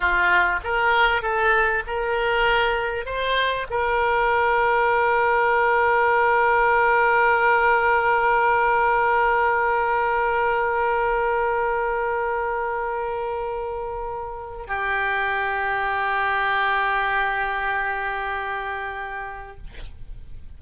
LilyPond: \new Staff \with { instrumentName = "oboe" } { \time 4/4 \tempo 4 = 98 f'4 ais'4 a'4 ais'4~ | ais'4 c''4 ais'2~ | ais'1~ | ais'1~ |
ais'1~ | ais'1 | g'1~ | g'1 | }